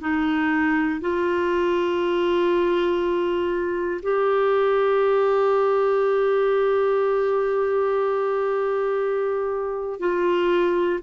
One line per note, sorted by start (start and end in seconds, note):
0.00 1.00 D#4
1.00 4.00 F4
4.02 9.99 G4
9.99 10.99 F4